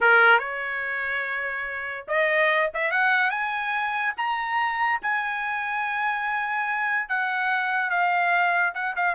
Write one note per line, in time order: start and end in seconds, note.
0.00 0.39 A#4
0.39 2.05 C#5
2.07 2.70 D#5
2.73 2.91 E5
2.91 3.30 F#5
3.30 4.13 G#5
4.17 5.00 A#5
5.02 7.08 G#5
7.08 7.89 F#5
7.89 8.73 F5
8.74 8.95 F#5
8.96 9.15 F5